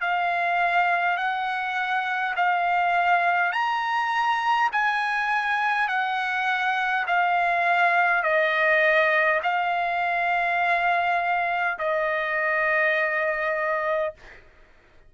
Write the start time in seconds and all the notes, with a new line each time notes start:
0.00 F5
1.17 F#5
2.36 F5
3.52 A#5
4.72 G#5
5.88 F#5
7.06 F5
8.23 D#5
9.43 F5
11.79 D#5